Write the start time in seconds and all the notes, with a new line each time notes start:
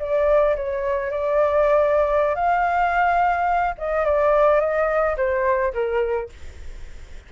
0.00 D5
0.56 C#5
1.11 D5
2.36 F5
3.78 D#5
4.06 D5
4.61 D#5
5.17 C5
5.74 A#4